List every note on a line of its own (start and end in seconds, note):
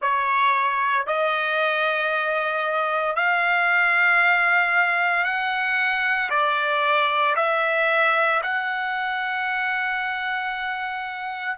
0.01 1.06 C#5
1.06 3.16 D#5
3.16 5.24 F5
5.24 6.29 F#5
6.30 7.35 D5
7.36 8.41 E5
8.42 11.57 F#5